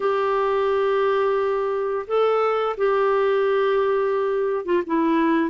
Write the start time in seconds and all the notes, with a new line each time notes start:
0.00 G4
2.07 A4
2.77 G4
4.65 F4
4.86 E4